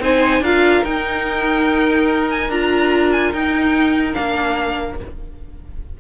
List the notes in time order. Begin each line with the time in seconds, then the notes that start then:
0.00 C4 D#4 C5 G#5
0.41 D4 F4 A#4 F5
0.85 D#4 G5
2.30 G#5
2.49 D4 F4 A#5
3.12 G#5
3.32 D#4 G5
4.13 A#3 D4 F5